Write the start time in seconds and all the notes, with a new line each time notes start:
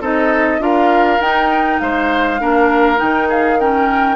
0.00 C4 D#4 A4 D#5
0.59 D4 F4 A#4 F5
1.20 D#4 G5
1.80 G#3 C5 F5
2.39 A#3 D4 A#4
2.96 D#3 D#4 G5
3.28 G#4 F5
3.60 C#4 A#4 G5